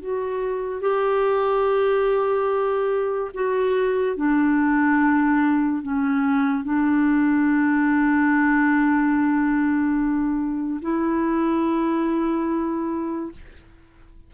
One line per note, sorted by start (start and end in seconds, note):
0.00 0.81 F#4
0.81 3.31 G4
3.34 4.16 F#4
4.16 5.82 D4
5.82 6.64 C#4
6.64 10.81 D4
10.82 13.32 E4